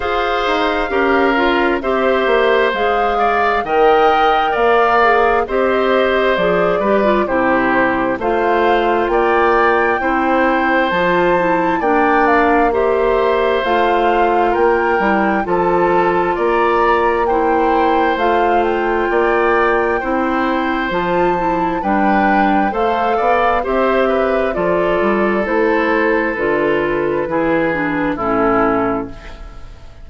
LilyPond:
<<
  \new Staff \with { instrumentName = "flute" } { \time 4/4 \tempo 4 = 66 f''2 e''4 f''4 | g''4 f''4 dis''4 d''4 | c''4 f''4 g''2 | a''4 g''8 f''8 e''4 f''4 |
g''4 a''4 ais''4 g''4 | f''8 g''2~ g''8 a''4 | g''4 f''4 e''4 d''4 | c''4 b'2 a'4 | }
  \new Staff \with { instrumentName = "oboe" } { \time 4/4 c''4 ais'4 c''4. d''8 | dis''4 d''4 c''4. b'8 | g'4 c''4 d''4 c''4~ | c''4 d''4 c''2 |
ais'4 a'4 d''4 c''4~ | c''4 d''4 c''2 | b'4 c''8 d''8 c''8 b'8 a'4~ | a'2 gis'4 e'4 | }
  \new Staff \with { instrumentName = "clarinet" } { \time 4/4 gis'4 g'8 f'8 g'4 gis'4 | ais'4. gis'8 g'4 gis'8 g'16 f'16 | e'4 f'2 e'4 | f'8 e'8 d'4 g'4 f'4~ |
f'8 e'8 f'2 e'4 | f'2 e'4 f'8 e'8 | d'4 a'4 g'4 f'4 | e'4 f'4 e'8 d'8 cis'4 | }
  \new Staff \with { instrumentName = "bassoon" } { \time 4/4 f'8 dis'8 cis'4 c'8 ais8 gis4 | dis4 ais4 c'4 f8 g8 | c4 a4 ais4 c'4 | f4 ais2 a4 |
ais8 g8 f4 ais2 | a4 ais4 c'4 f4 | g4 a8 b8 c'4 f8 g8 | a4 d4 e4 a,4 | }
>>